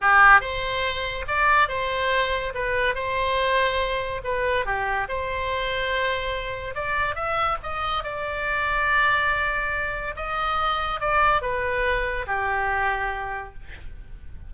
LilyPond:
\new Staff \with { instrumentName = "oboe" } { \time 4/4 \tempo 4 = 142 g'4 c''2 d''4 | c''2 b'4 c''4~ | c''2 b'4 g'4 | c''1 |
d''4 e''4 dis''4 d''4~ | d''1 | dis''2 d''4 b'4~ | b'4 g'2. | }